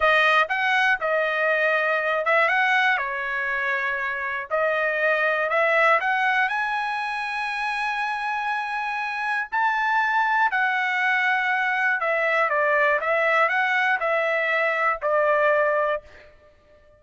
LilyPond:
\new Staff \with { instrumentName = "trumpet" } { \time 4/4 \tempo 4 = 120 dis''4 fis''4 dis''2~ | dis''8 e''8 fis''4 cis''2~ | cis''4 dis''2 e''4 | fis''4 gis''2.~ |
gis''2. a''4~ | a''4 fis''2. | e''4 d''4 e''4 fis''4 | e''2 d''2 | }